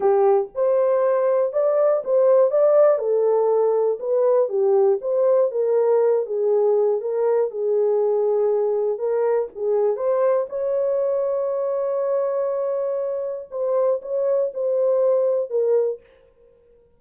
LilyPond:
\new Staff \with { instrumentName = "horn" } { \time 4/4 \tempo 4 = 120 g'4 c''2 d''4 | c''4 d''4 a'2 | b'4 g'4 c''4 ais'4~ | ais'8 gis'4. ais'4 gis'4~ |
gis'2 ais'4 gis'4 | c''4 cis''2.~ | cis''2. c''4 | cis''4 c''2 ais'4 | }